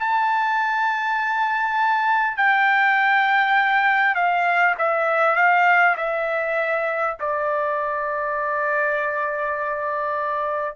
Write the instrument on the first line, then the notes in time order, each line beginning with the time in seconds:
trumpet
0.00 A5
2.37 G5
4.16 F5
4.79 E5
5.36 F5
5.98 E5
7.20 D5